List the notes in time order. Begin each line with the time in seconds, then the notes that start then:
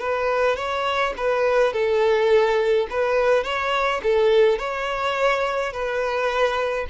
0.00 B4
0.57 C#5
1.17 B4
1.73 A4
2.91 B4
3.44 C#5
4.04 A4
4.59 C#5
5.73 B4